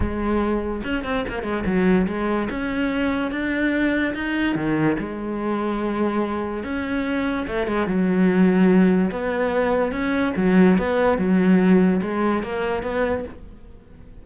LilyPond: \new Staff \with { instrumentName = "cello" } { \time 4/4 \tempo 4 = 145 gis2 cis'8 c'8 ais8 gis8 | fis4 gis4 cis'2 | d'2 dis'4 dis4 | gis1 |
cis'2 a8 gis8 fis4~ | fis2 b2 | cis'4 fis4 b4 fis4~ | fis4 gis4 ais4 b4 | }